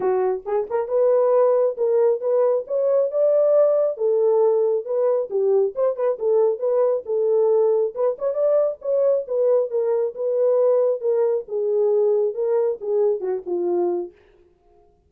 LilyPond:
\new Staff \with { instrumentName = "horn" } { \time 4/4 \tempo 4 = 136 fis'4 gis'8 ais'8 b'2 | ais'4 b'4 cis''4 d''4~ | d''4 a'2 b'4 | g'4 c''8 b'8 a'4 b'4 |
a'2 b'8 cis''8 d''4 | cis''4 b'4 ais'4 b'4~ | b'4 ais'4 gis'2 | ais'4 gis'4 fis'8 f'4. | }